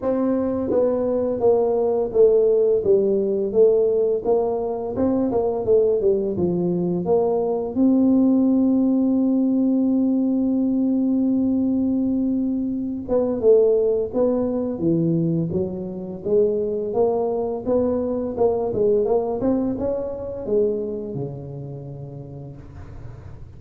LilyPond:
\new Staff \with { instrumentName = "tuba" } { \time 4/4 \tempo 4 = 85 c'4 b4 ais4 a4 | g4 a4 ais4 c'8 ais8 | a8 g8 f4 ais4 c'4~ | c'1~ |
c'2~ c'8 b8 a4 | b4 e4 fis4 gis4 | ais4 b4 ais8 gis8 ais8 c'8 | cis'4 gis4 cis2 | }